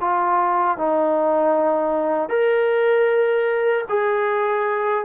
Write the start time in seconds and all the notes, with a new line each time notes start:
0.00 F4
0.77 D#4
2.29 A#4
3.89 G#4